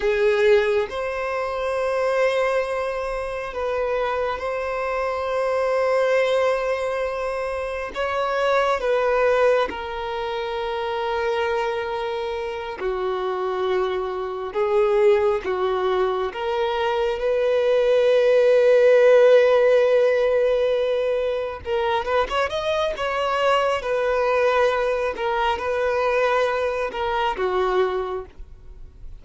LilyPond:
\new Staff \with { instrumentName = "violin" } { \time 4/4 \tempo 4 = 68 gis'4 c''2. | b'4 c''2.~ | c''4 cis''4 b'4 ais'4~ | ais'2~ ais'8 fis'4.~ |
fis'8 gis'4 fis'4 ais'4 b'8~ | b'1~ | b'8 ais'8 b'16 cis''16 dis''8 cis''4 b'4~ | b'8 ais'8 b'4. ais'8 fis'4 | }